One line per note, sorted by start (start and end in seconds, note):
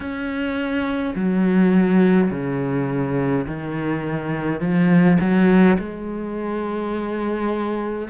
0.00 1.14 C#4
1.15 2.30 F#3
2.30 3.46 C#3
3.47 4.60 D#3
4.60 5.18 F3
5.19 5.77 F#3
5.78 8.09 G#3